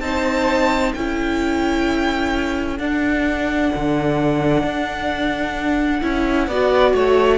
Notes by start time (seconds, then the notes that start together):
0.00 C4 D#4 C5 A5
0.94 C#4 E4 A4 G5
2.78 D4 F#5
3.75 D3
4.63 D4
6.02 C#4 E4
6.47 B3 F#4 D5
6.94 A3 C#5